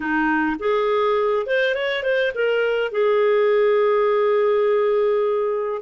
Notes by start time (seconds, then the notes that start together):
0.00 D#4
0.59 G#4
1.46 C5
1.74 C#5
2.03 C5
2.35 A#4
2.91 G#4